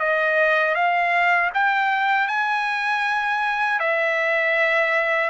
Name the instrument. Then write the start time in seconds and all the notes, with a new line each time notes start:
trumpet
0.00 D#5
0.75 F5
1.54 G5
2.28 G#5
3.80 E5